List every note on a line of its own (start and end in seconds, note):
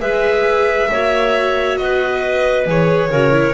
0.00 0.90 G#3
0.00 0.88 G#4
0.00 0.89 B4
0.00 1.77 E5
0.91 1.78 A#3
0.91 2.66 F#4
0.91 1.79 C#5
1.77 2.66 B3
1.77 3.10 B4
1.77 2.65 D#5
2.66 3.10 E3
2.66 3.10 G#4
2.66 3.54 C#5
3.10 3.54 C#3
3.10 3.31 F#4
3.10 3.54 A#4
3.31 3.53 E4